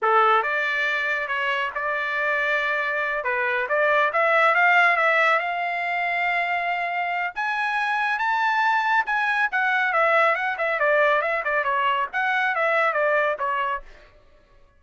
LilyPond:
\new Staff \with { instrumentName = "trumpet" } { \time 4/4 \tempo 4 = 139 a'4 d''2 cis''4 | d''2.~ d''8 b'8~ | b'8 d''4 e''4 f''4 e''8~ | e''8 f''2.~ f''8~ |
f''4 gis''2 a''4~ | a''4 gis''4 fis''4 e''4 | fis''8 e''8 d''4 e''8 d''8 cis''4 | fis''4 e''4 d''4 cis''4 | }